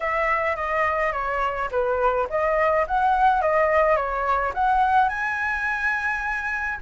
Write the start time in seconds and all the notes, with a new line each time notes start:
0.00 E5
0.55 D#5
1.12 C#5
1.71 B4
2.29 D#5
2.87 F#5
3.41 D#5
3.96 C#5
4.54 F#5
5.08 G#5